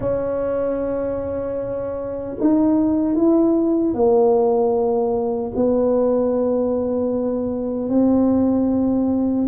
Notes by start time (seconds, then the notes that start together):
0.00 C#4
2.40 D#4
3.15 E4
3.93 A#3
5.55 B3
7.89 C4